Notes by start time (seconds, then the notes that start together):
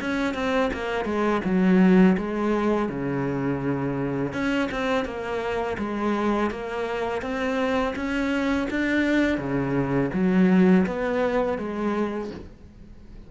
0.00 C#4
0.34 C4
0.73 A#3
1.05 G#3
1.44 F#3
2.17 G#3
2.89 C#3
4.33 C#4
4.71 C4
5.05 A#3
5.78 G#3
6.51 A#3
7.22 C4
7.96 C#4
8.70 D4
9.38 C#3
10.13 F#3
10.86 B3
11.58 G#3